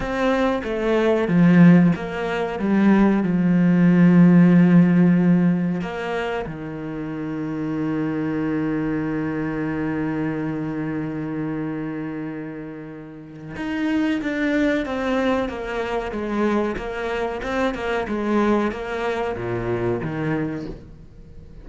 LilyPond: \new Staff \with { instrumentName = "cello" } { \time 4/4 \tempo 4 = 93 c'4 a4 f4 ais4 | g4 f2.~ | f4 ais4 dis2~ | dis1~ |
dis1~ | dis4 dis'4 d'4 c'4 | ais4 gis4 ais4 c'8 ais8 | gis4 ais4 ais,4 dis4 | }